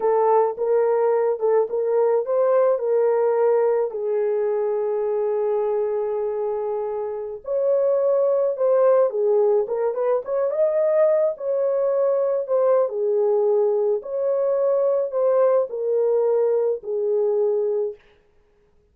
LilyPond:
\new Staff \with { instrumentName = "horn" } { \time 4/4 \tempo 4 = 107 a'4 ais'4. a'8 ais'4 | c''4 ais'2 gis'4~ | gis'1~ | gis'4~ gis'16 cis''2 c''8.~ |
c''16 gis'4 ais'8 b'8 cis''8 dis''4~ dis''16~ | dis''16 cis''2 c''8. gis'4~ | gis'4 cis''2 c''4 | ais'2 gis'2 | }